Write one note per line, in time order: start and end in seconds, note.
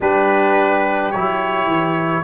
0.00 1.14 G3
0.00 1.13 D4
0.00 2.24 G4
0.00 1.11 B4
1.11 1.66 F#3
1.11 2.24 E4
1.11 2.24 C#5
1.66 2.23 E3